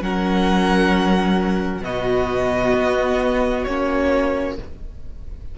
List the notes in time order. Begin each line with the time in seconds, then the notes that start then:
0.00 F#3 C#4 A#4 F#5
1.81 B2 B3 F#4 D#5
2.74 B3
3.64 A#3 C#4 C#5